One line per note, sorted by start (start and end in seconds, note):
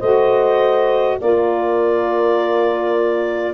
0.00 1.20 A3
0.00 1.20 F#4
0.00 1.18 C5
0.00 1.18 D#5
1.21 3.54 A#3
1.21 3.54 F4
1.21 3.54 A#4
1.21 3.54 D5